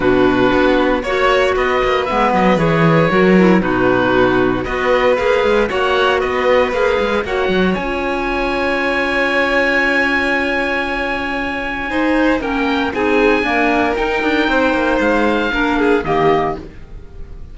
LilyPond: <<
  \new Staff \with { instrumentName = "oboe" } { \time 4/4 \tempo 4 = 116 b'2 cis''4 dis''4 | e''8 dis''8 cis''2 b'4~ | b'4 dis''4 f''4 fis''4 | dis''4 f''4 fis''4 gis''4~ |
gis''1~ | gis''1 | g''4 gis''2 g''4~ | g''4 f''2 dis''4 | }
  \new Staff \with { instrumentName = "violin" } { \time 4/4 fis'2 cis''4 b'4~ | b'2 ais'4 fis'4~ | fis'4 b'2 cis''4 | b'2 cis''2~ |
cis''1~ | cis''2. c''4 | ais'4 gis'4 ais'2 | c''2 ais'8 gis'8 g'4 | }
  \new Staff \with { instrumentName = "clarinet" } { \time 4/4 d'2 fis'2 | b4 gis'4 fis'8 e'8 dis'4~ | dis'4 fis'4 gis'4 fis'4~ | fis'4 gis'4 fis'4 f'4~ |
f'1~ | f'2. dis'4 | cis'4 dis'4 ais4 dis'4~ | dis'2 d'4 ais4 | }
  \new Staff \with { instrumentName = "cello" } { \time 4/4 b,4 b4 ais4 b8 ais8 | gis8 fis8 e4 fis4 b,4~ | b,4 b4 ais8 gis8 ais4 | b4 ais8 gis8 ais8 fis8 cis'4~ |
cis'1~ | cis'2. dis'4 | ais4 c'4 d'4 dis'8 d'8 | c'8 ais8 gis4 ais4 dis4 | }
>>